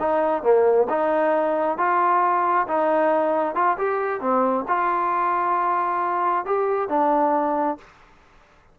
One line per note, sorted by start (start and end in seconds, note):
0.00 0.43 D#4
0.43 0.88 A#3
0.90 1.78 D#4
1.78 2.67 F4
2.68 3.55 D#4
3.55 3.77 F4
3.78 4.21 G4
4.21 4.65 C4
4.68 6.46 F4
6.46 6.89 G4
6.89 7.78 D4